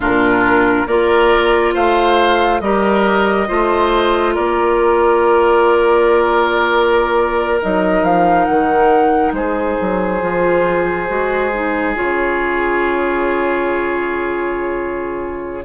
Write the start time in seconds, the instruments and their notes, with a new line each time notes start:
0.00 bassoon A#2, clarinet D4, oboe F4, flute A#4
0.87 bassoon A#3, clarinet F4, oboe A#4, flute D5
1.74 bassoon A3, oboe C5, flute F5
2.60 bassoon G3, clarinet G4, oboe A#4, flute D#5
3.47 bassoon A3, clarinet F4, oboe C5
4.34 bassoon A#3, oboe A#4, flute D5
7.61 bassoon F#3, clarinet D#4, flute D#5
8.03 bassoon F3, flute F5
8.45 bassoon D#3, flute F#5
9.32 bassoon G#3, oboe G#4, flute C5
9.81 bassoon F#3
10.20 bassoon F3, clarinet F4
11.07 bassoon G#3, clarinet F#4
11.53 clarinet D#4
11.95 bassoon C#3, clarinet F4, flute C#5